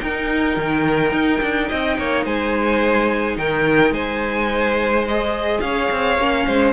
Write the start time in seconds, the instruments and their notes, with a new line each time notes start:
0.00 cello D#4, viola D#4, violin A#4 G5
0.56 cello D#3
1.11 cello D#4
1.41 cello D4
1.68 cello C4, violin D#5
1.97 cello A#3, violin C#5
2.24 cello G#3, violin C5 G#5
3.37 cello D#3, violin A#4 G5
3.90 cello G#3, violin C5 G#5
5.07 viola G#4, violin D#5
5.60 cello C#4, violin C#5 F5
5.90 cello C4
6.18 cello A#3, viola C#4
6.46 cello G#3, violin C5